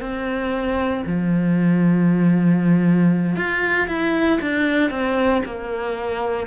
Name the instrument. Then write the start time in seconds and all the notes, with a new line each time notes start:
cello
0.00 C4
1.06 F3
3.36 F4
3.88 E4
4.41 D4
4.90 C4
5.45 A#3